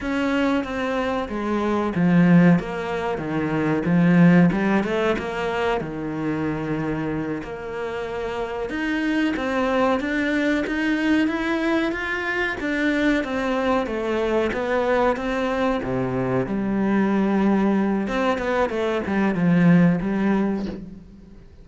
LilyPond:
\new Staff \with { instrumentName = "cello" } { \time 4/4 \tempo 4 = 93 cis'4 c'4 gis4 f4 | ais4 dis4 f4 g8 a8 | ais4 dis2~ dis8 ais8~ | ais4. dis'4 c'4 d'8~ |
d'8 dis'4 e'4 f'4 d'8~ | d'8 c'4 a4 b4 c'8~ | c'8 c4 g2~ g8 | c'8 b8 a8 g8 f4 g4 | }